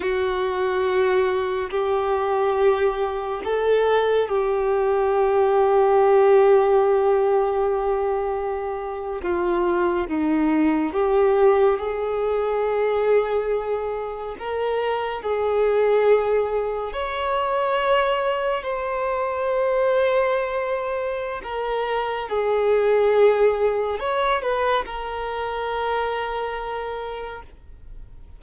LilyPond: \new Staff \with { instrumentName = "violin" } { \time 4/4 \tempo 4 = 70 fis'2 g'2 | a'4 g'2.~ | g'2~ g'8. f'4 dis'16~ | dis'8. g'4 gis'2~ gis'16~ |
gis'8. ais'4 gis'2 cis''16~ | cis''4.~ cis''16 c''2~ c''16~ | c''4 ais'4 gis'2 | cis''8 b'8 ais'2. | }